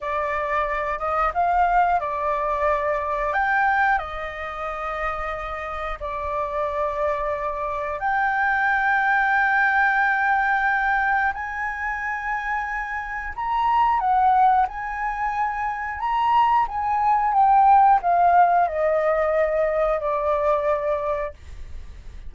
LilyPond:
\new Staff \with { instrumentName = "flute" } { \time 4/4 \tempo 4 = 90 d''4. dis''8 f''4 d''4~ | d''4 g''4 dis''2~ | dis''4 d''2. | g''1~ |
g''4 gis''2. | ais''4 fis''4 gis''2 | ais''4 gis''4 g''4 f''4 | dis''2 d''2 | }